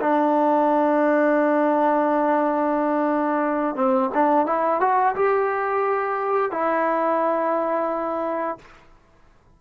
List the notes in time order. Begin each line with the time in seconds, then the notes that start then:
0.00 D4
3.75 C4
4.14 D4
4.46 E4
4.80 F#4
5.15 G4
6.51 E4